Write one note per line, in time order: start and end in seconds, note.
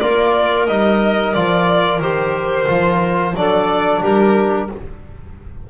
0.00 0.69 A#3
0.00 0.68 F4
0.00 3.35 A#4
0.00 0.67 D5
0.67 1.36 G3
0.67 1.35 D#4
0.67 1.34 D#5
1.34 2.00 F3
1.34 2.02 F4
1.34 2.01 D5
2.00 2.67 D#3
2.00 2.67 G4
2.00 3.35 C5
2.67 3.35 F3
2.67 3.34 F4
3.35 4.02 F#3
3.35 4.70 D4
3.35 4.02 A4
3.35 4.03 D5
4.02 4.70 G3
4.02 4.69 G4
4.02 4.70 A#4